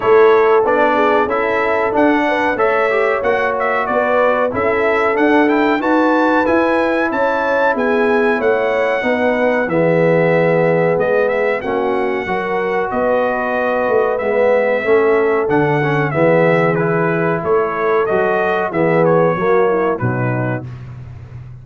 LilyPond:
<<
  \new Staff \with { instrumentName = "trumpet" } { \time 4/4 \tempo 4 = 93 cis''4 d''4 e''4 fis''4 | e''4 fis''8 e''8 d''4 e''4 | fis''8 g''8 a''4 gis''4 a''4 | gis''4 fis''2 e''4~ |
e''4 dis''8 e''8 fis''2 | dis''2 e''2 | fis''4 e''4 b'4 cis''4 | dis''4 e''8 cis''4. b'4 | }
  \new Staff \with { instrumentName = "horn" } { \time 4/4 a'4. gis'8 a'4. b'8 | cis''2 b'4 a'4~ | a'4 b'2 cis''4 | gis'4 cis''4 b'4 gis'4~ |
gis'2 fis'4 ais'4 | b'2. a'4~ | a'4 gis'2 a'4~ | a'4 gis'4 fis'8 e'8 dis'4 | }
  \new Staff \with { instrumentName = "trombone" } { \time 4/4 e'4 d'4 e'4 d'4 | a'8 g'8 fis'2 e'4 | d'8 e'8 fis'4 e'2~ | e'2 dis'4 b4~ |
b2 cis'4 fis'4~ | fis'2 b4 cis'4 | d'8 cis'8 b4 e'2 | fis'4 b4 ais4 fis4 | }
  \new Staff \with { instrumentName = "tuba" } { \time 4/4 a4 b4 cis'4 d'4 | a4 ais4 b4 cis'4 | d'4 dis'4 e'4 cis'4 | b4 a4 b4 e4~ |
e4 gis4 ais4 fis4 | b4. a8 gis4 a4 | d4 e2 a4 | fis4 e4 fis4 b,4 | }
>>